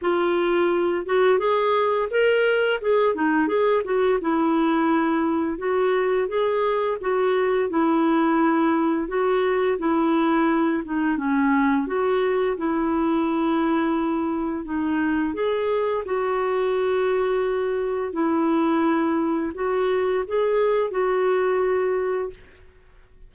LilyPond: \new Staff \with { instrumentName = "clarinet" } { \time 4/4 \tempo 4 = 86 f'4. fis'8 gis'4 ais'4 | gis'8 dis'8 gis'8 fis'8 e'2 | fis'4 gis'4 fis'4 e'4~ | e'4 fis'4 e'4. dis'8 |
cis'4 fis'4 e'2~ | e'4 dis'4 gis'4 fis'4~ | fis'2 e'2 | fis'4 gis'4 fis'2 | }